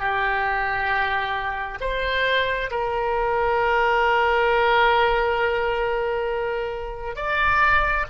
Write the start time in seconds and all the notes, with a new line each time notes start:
0.00 G4
1.81 C5
2.71 A#4
7.16 D5